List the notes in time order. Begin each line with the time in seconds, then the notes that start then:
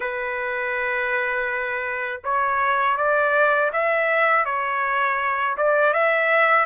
0.00 B4
2.24 C#5
2.97 D5
3.72 E5
4.45 C#5
5.57 D5
5.93 E5